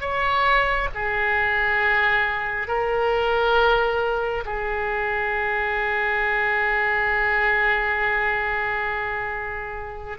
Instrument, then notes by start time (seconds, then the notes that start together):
oboe
0.00 C#5
0.94 G#4
2.67 A#4
4.45 G#4